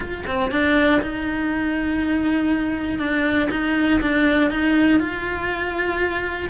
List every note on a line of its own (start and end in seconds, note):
0.00 0.24 F4
0.26 0.51 C4
0.51 1.01 D4
1.01 2.98 D#4
2.98 3.48 D4
3.50 4.00 D#4
4.00 4.50 D4
4.50 4.99 D#4
4.99 6.49 F4